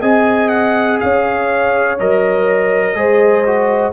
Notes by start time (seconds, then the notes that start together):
0.00 C4 G#4 D#5 G#5
0.49 F#5
1.00 C#4 C#5 F5
1.99 F#3 A#4 D#5
2.95 G#3 G#4 C5
3.46 F#4